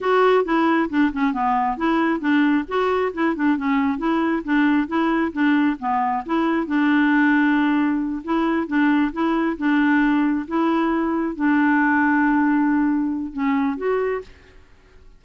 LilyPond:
\new Staff \with { instrumentName = "clarinet" } { \time 4/4 \tempo 4 = 135 fis'4 e'4 d'8 cis'8 b4 | e'4 d'4 fis'4 e'8 d'8 | cis'4 e'4 d'4 e'4 | d'4 b4 e'4 d'4~ |
d'2~ d'8 e'4 d'8~ | d'8 e'4 d'2 e'8~ | e'4. d'2~ d'8~ | d'2 cis'4 fis'4 | }